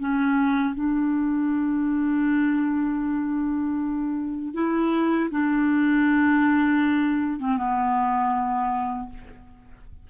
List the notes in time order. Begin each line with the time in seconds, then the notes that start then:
0.00 C#4
0.75 D4
4.54 E4
5.31 D4
7.40 C4
7.57 B3